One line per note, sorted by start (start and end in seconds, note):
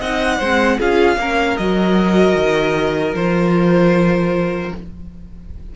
0.00 0.39 C4
0.00 0.41 D#4
0.00 0.38 D#5
0.00 0.80 F#5
0.38 0.79 G#3
0.38 0.80 C4
0.38 0.77 C5
0.78 1.17 C#4
0.78 1.20 F4
0.78 1.17 G#4
0.78 1.57 F5
1.17 1.56 A#3
1.17 1.59 C#4
1.17 4.76 A#4
1.57 2.35 F#3
1.57 3.16 F#4
1.57 3.15 D#5
2.35 3.14 D#3
3.14 4.72 F3
3.14 4.74 F4
3.14 4.73 C5